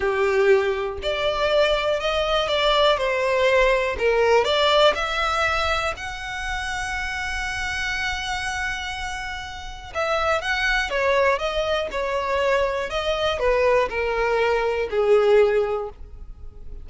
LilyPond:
\new Staff \with { instrumentName = "violin" } { \time 4/4 \tempo 4 = 121 g'2 d''2 | dis''4 d''4 c''2 | ais'4 d''4 e''2 | fis''1~ |
fis''1 | e''4 fis''4 cis''4 dis''4 | cis''2 dis''4 b'4 | ais'2 gis'2 | }